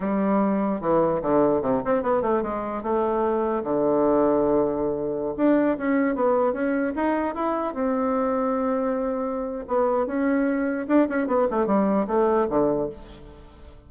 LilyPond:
\new Staff \with { instrumentName = "bassoon" } { \time 4/4 \tempo 4 = 149 g2 e4 d4 | c8 c'8 b8 a8 gis4 a4~ | a4 d2.~ | d4~ d16 d'4 cis'4 b8.~ |
b16 cis'4 dis'4 e'4 c'8.~ | c'1 | b4 cis'2 d'8 cis'8 | b8 a8 g4 a4 d4 | }